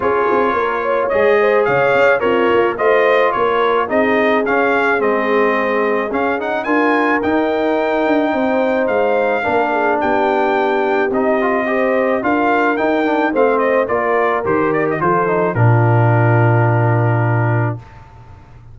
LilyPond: <<
  \new Staff \with { instrumentName = "trumpet" } { \time 4/4 \tempo 4 = 108 cis''2 dis''4 f''4 | cis''4 dis''4 cis''4 dis''4 | f''4 dis''2 f''8 fis''8 | gis''4 g''2. |
f''2 g''2 | dis''2 f''4 g''4 | f''8 dis''8 d''4 c''8 d''16 dis''16 c''4 | ais'1 | }
  \new Staff \with { instrumentName = "horn" } { \time 4/4 gis'4 ais'8 cis''4 c''8 cis''4 | f'4 c''4 ais'4 gis'4~ | gis'1 | ais'2. c''4~ |
c''4 ais'8 gis'8 g'2~ | g'4 c''4 ais'2 | c''4 ais'2 a'4 | f'1 | }
  \new Staff \with { instrumentName = "trombone" } { \time 4/4 f'2 gis'2 | ais'4 f'2 dis'4 | cis'4 c'2 cis'8 dis'8 | f'4 dis'2.~ |
dis'4 d'2. | dis'8 f'8 g'4 f'4 dis'8 d'8 | c'4 f'4 g'4 f'8 dis'8 | d'1 | }
  \new Staff \with { instrumentName = "tuba" } { \time 4/4 cis'8 c'8 ais4 gis4 cis8 cis'8 | c'8 ais8 a4 ais4 c'4 | cis'4 gis2 cis'4 | d'4 dis'4. d'8 c'4 |
gis4 ais4 b2 | c'2 d'4 dis'4 | a4 ais4 dis4 f4 | ais,1 | }
>>